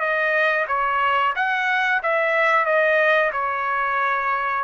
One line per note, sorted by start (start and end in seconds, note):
0.00 0.66 D#5
0.67 1.33 C#5
1.35 2.01 F#5
2.02 2.65 E5
2.65 3.31 D#5
3.32 4.64 C#5